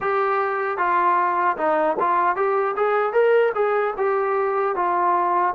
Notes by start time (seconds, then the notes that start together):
0.00 G4
0.77 F4
1.57 D#4
1.99 F4
2.35 G4
2.76 G#4
3.12 A#4
3.54 G#4
3.97 G4
4.75 F4